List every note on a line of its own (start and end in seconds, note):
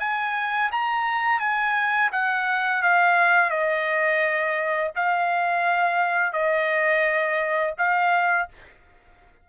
0.00 0.71 G#5
0.72 1.40 A#5
1.40 2.10 G#5
2.12 2.83 F#5
2.83 3.50 F5
3.50 4.92 D#5
4.96 6.33 F5
6.33 7.74 D#5
7.78 8.49 F5